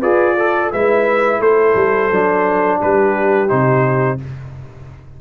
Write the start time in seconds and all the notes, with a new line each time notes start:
0.00 F4 G#4 B4 D5
0.35 A4
0.71 G#3 E4 B4 E5
1.40 A3 A4 C5
1.75 G3
2.11 F#3 D4
2.81 G3 G4 B4
3.48 C3 D#4 C5